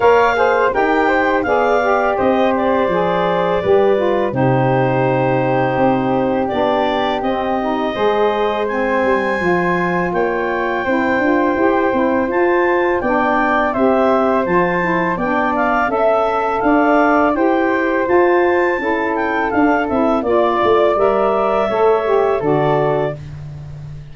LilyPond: <<
  \new Staff \with { instrumentName = "clarinet" } { \time 4/4 \tempo 4 = 83 f''4 g''4 f''4 dis''8 d''8~ | d''2 c''2~ | c''4 d''4 dis''2 | gis''2 g''2~ |
g''4 a''4 g''4 e''4 | a''4 g''8 f''8 e''4 f''4 | g''4 a''4. g''8 f''8 e''8 | d''4 e''2 d''4 | }
  \new Staff \with { instrumentName = "flute" } { \time 4/4 cis''8 c''8 ais'8 c''8 d''4 c''4~ | c''4 b'4 g'2~ | g'2. c''4~ | c''2 cis''4 c''4~ |
c''2 d''4 c''4~ | c''4 d''4 e''4 d''4 | c''2 a'2 | d''2 cis''4 a'4 | }
  \new Staff \with { instrumentName = "saxophone" } { \time 4/4 ais'8 gis'8 g'4 gis'8 g'4. | gis'4 g'8 f'8 dis'2~ | dis'4 d'4 c'8 dis'8 gis'4 | c'4 f'2 e'8 f'8 |
g'8 e'8 f'4 d'4 g'4 | f'8 e'8 d'4 a'2 | g'4 f'4 e'4 d'8 e'8 | f'4 ais'4 a'8 g'8 fis'4 | }
  \new Staff \with { instrumentName = "tuba" } { \time 4/4 ais4 dis'4 b4 c'4 | f4 g4 c2 | c'4 b4 c'4 gis4~ | gis8 g8 f4 ais4 c'8 d'8 |
e'8 c'8 f'4 b4 c'4 | f4 b4 cis'4 d'4 | e'4 f'4 cis'4 d'8 c'8 | ais8 a8 g4 a4 d4 | }
>>